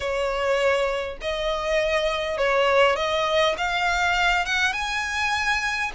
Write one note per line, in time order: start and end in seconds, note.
0.00 1.17 C#5
1.21 2.37 D#5
2.37 2.96 C#5
2.96 3.55 D#5
3.57 4.45 F5
4.45 4.72 F#5
4.72 5.91 G#5